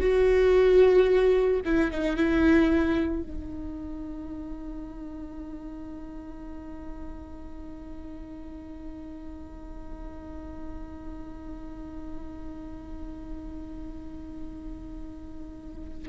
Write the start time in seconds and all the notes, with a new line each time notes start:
0.00 F#4
1.65 E4
1.91 D#4
2.17 E4
3.23 D#4